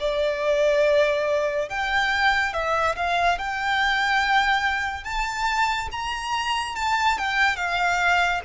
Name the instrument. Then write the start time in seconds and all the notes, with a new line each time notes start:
violin
0.00 D5
1.69 G5
2.53 E5
2.96 F5
3.38 G5
5.04 A5
5.92 A#5
6.76 A5
7.18 G5
7.56 F5